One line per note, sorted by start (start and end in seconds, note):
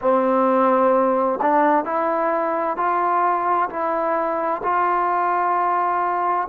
0.01 1.39 C4
1.41 1.85 D4
1.85 2.77 E4
2.77 3.69 F4
3.69 4.62 E4
4.63 6.47 F4